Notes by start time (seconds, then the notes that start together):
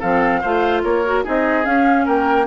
0.00 F3 C4 A4 F5
0.42 A3 F4 C5
0.83 A#3 A#4 C#5
1.05 F#4
1.24 C4 D#4 G#4 D#5
1.64 C#4 F5
2.06 A#3 A#4 G5